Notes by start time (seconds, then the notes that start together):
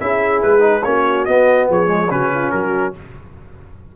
0.00 C#4 E4 G#4 E5
0.42 G#3 B4
0.60 D#4
0.84 A#3 C#4 F#4 C#5
1.25 B3 D#5
1.70 F3 G#4 C#5
1.87 G#3
2.10 C#3 C#4 F#4 B4
2.34 F4
2.51 F#3 F#4 A#4